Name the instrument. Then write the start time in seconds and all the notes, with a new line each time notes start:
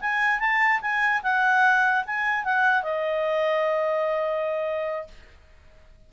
clarinet
0.00 G#5
0.40 A5
0.81 G#5
1.23 F#5
2.06 G#5
2.44 F#5
2.83 D#5